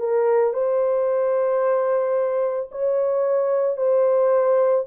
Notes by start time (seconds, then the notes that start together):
0.00 A#4
0.54 C5
2.72 C#5
3.77 C5